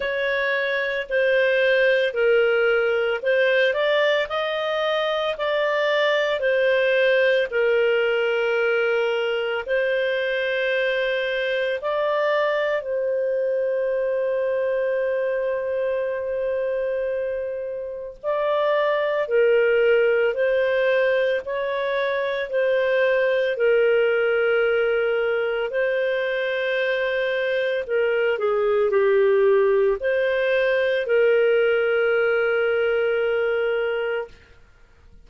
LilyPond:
\new Staff \with { instrumentName = "clarinet" } { \time 4/4 \tempo 4 = 56 cis''4 c''4 ais'4 c''8 d''8 | dis''4 d''4 c''4 ais'4~ | ais'4 c''2 d''4 | c''1~ |
c''4 d''4 ais'4 c''4 | cis''4 c''4 ais'2 | c''2 ais'8 gis'8 g'4 | c''4 ais'2. | }